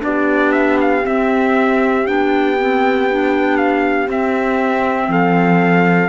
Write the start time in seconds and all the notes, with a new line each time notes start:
0.00 B3 D4 G4 D5
0.52 E5
0.81 F5
1.03 C4 E5
2.05 B3 D4 G5
2.59 C4
3.09 D4
3.57 F5
4.07 C4 E5
5.08 F3 A4 F5